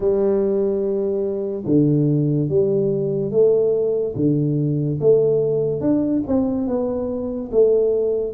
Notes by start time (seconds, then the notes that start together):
0.00 G3
1.65 D3
2.48 G3
3.31 A3
4.15 D3
5.00 A3
5.80 D4
6.27 C4
6.67 B3
7.51 A3